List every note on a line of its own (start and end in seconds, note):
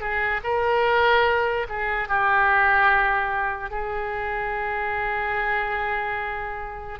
0.00 0.41 G#4
0.44 1.67 A#4
1.69 2.08 G#4
2.08 3.71 G4
3.71 6.99 G#4